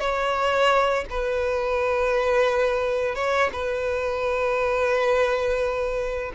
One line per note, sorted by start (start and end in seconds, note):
0.00 1.05 C#5
1.10 3.15 B4
3.15 3.50 C#5
3.53 6.32 B4